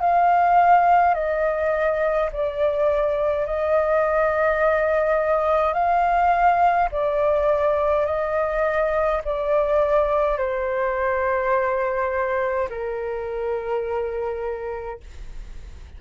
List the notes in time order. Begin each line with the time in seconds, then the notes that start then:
0.00 F5
1.14 D#5
2.32 D5
3.46 D#5
5.73 F5
6.91 D5
8.06 D#5
9.25 D5
10.38 C5
12.69 A#4